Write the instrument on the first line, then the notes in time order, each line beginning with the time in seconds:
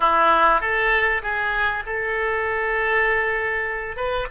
oboe
0.00 E4
0.60 A4
1.22 G#4
1.86 A4
3.96 B4